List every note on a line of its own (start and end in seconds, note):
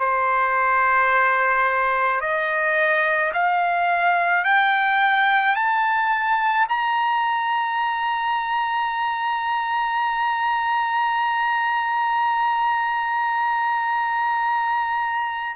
0.00 2.21 C5
2.21 3.32 D#5
3.34 4.45 F5
4.45 5.56 G5
5.56 6.67 A5
6.69 15.57 A#5